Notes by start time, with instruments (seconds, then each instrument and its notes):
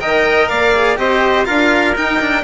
0.00 bassoon D#3, cello A#4, trumpet D#5, violin G5
0.48 bassoon A#3, trumpet D5, violin F5
0.74 cello G#4
0.97 bassoon C4, cello G4, trumpet C5, violin D#5
1.45 bassoon D4, cello F4, trumpet A#4, violin F5
1.96 cello D#4, bassoon D#4, violin G5
2.20 cello D4